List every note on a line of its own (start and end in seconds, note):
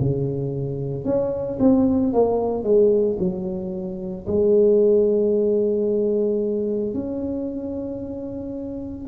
0.00 1.05 C#3
1.05 1.58 C#4
1.59 2.13 C4
2.13 2.63 A#3
2.63 3.17 G#3
3.19 4.26 F#3
4.27 6.94 G#3
6.94 9.08 C#4